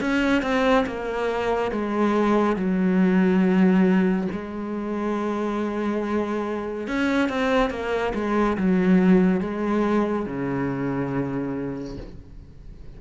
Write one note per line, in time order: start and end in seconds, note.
0.00 0.42 C#4
0.42 0.85 C4
0.86 1.71 A#3
1.71 2.56 G#3
2.56 4.27 F#3
4.31 6.87 G#3
6.87 7.29 C#4
7.29 7.70 C4
7.70 8.13 A#3
8.14 8.57 G#3
8.57 9.41 F#3
9.41 10.25 G#3
10.25 11.97 C#3